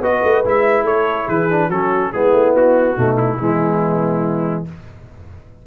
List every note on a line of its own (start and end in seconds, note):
0.00 0.21 B3
0.00 0.44 F#4
0.00 0.85 B4
0.00 0.45 D#5
0.23 0.44 A3
0.44 0.83 G#3
0.44 1.50 E4
0.44 0.86 E5
0.83 1.25 A3
0.83 1.26 A4
0.83 1.28 C#5
1.26 1.69 E3
1.26 1.68 G#4
1.26 1.70 B4
1.50 1.71 D4
1.69 2.11 F#3
1.69 2.13 C#4
1.69 2.12 F#4
1.69 2.12 A4
2.12 2.32 G#3
2.12 2.96 B3
2.12 2.95 E4
2.12 2.54 G#4
2.32 2.53 A3
2.53 2.96 B3
2.53 3.17 F#4
2.95 3.38 B2
2.95 3.38 A3
2.95 3.37 D#4
3.17 4.65 E4
3.38 4.65 E3
3.38 4.65 G#3
3.38 4.66 B3